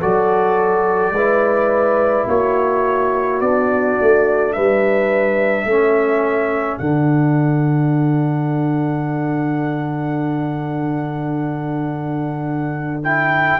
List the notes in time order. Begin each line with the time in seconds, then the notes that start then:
0.00 F#3 F#4 A4 D5
1.11 G#3 E4 B4
2.27 A#3 F#4 C#5
3.41 B3 D4 D5
4.01 A3
4.52 G3 B4 E5
5.65 A3 C#4 A4
6.78 D3 D4 F#5
13.04 E4 G5